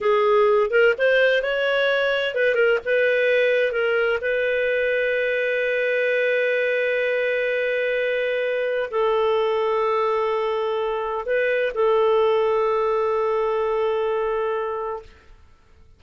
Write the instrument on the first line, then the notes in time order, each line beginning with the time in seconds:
clarinet
0.00 G#4
0.70 A#4
0.97 C5
1.42 C#5
2.34 B4
2.55 A#4
2.85 B4
3.72 A#4
4.21 B4
8.91 A4
11.25 B4
11.74 A4